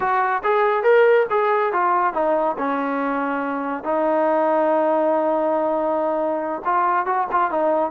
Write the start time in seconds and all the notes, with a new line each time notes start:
0.00 F#4
0.43 G#4
0.83 A#4
1.30 G#4
1.73 F4
2.13 D#4
2.58 C#4
3.83 D#4
6.64 F4
7.06 F#4
7.31 F4
7.50 D#4